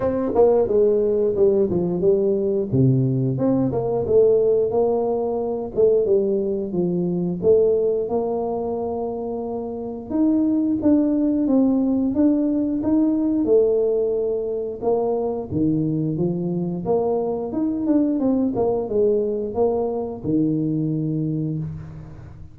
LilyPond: \new Staff \with { instrumentName = "tuba" } { \time 4/4 \tempo 4 = 89 c'8 ais8 gis4 g8 f8 g4 | c4 c'8 ais8 a4 ais4~ | ais8 a8 g4 f4 a4 | ais2. dis'4 |
d'4 c'4 d'4 dis'4 | a2 ais4 dis4 | f4 ais4 dis'8 d'8 c'8 ais8 | gis4 ais4 dis2 | }